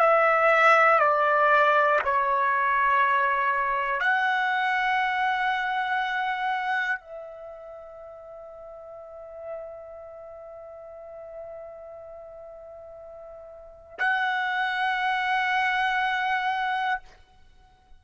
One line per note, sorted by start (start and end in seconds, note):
0.00 1.00 E5
1.00 2.00 D5
2.05 4.01 C#5
4.01 7.00 F#5
7.00 13.99 E5
13.99 16.99 F#5